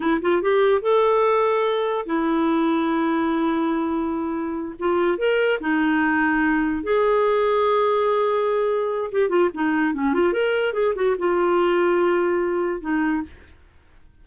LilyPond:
\new Staff \with { instrumentName = "clarinet" } { \time 4/4 \tempo 4 = 145 e'8 f'8 g'4 a'2~ | a'4 e'2.~ | e'2.~ e'8 f'8~ | f'8 ais'4 dis'2~ dis'8~ |
dis'8 gis'2.~ gis'8~ | gis'2 g'8 f'8 dis'4 | cis'8 f'8 ais'4 gis'8 fis'8 f'4~ | f'2. dis'4 | }